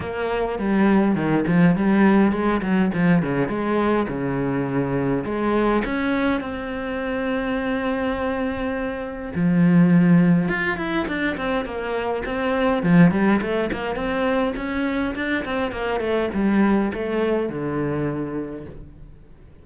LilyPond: \new Staff \with { instrumentName = "cello" } { \time 4/4 \tempo 4 = 103 ais4 g4 dis8 f8 g4 | gis8 fis8 f8 cis8 gis4 cis4~ | cis4 gis4 cis'4 c'4~ | c'1 |
f2 f'8 e'8 d'8 c'8 | ais4 c'4 f8 g8 a8 ais8 | c'4 cis'4 d'8 c'8 ais8 a8 | g4 a4 d2 | }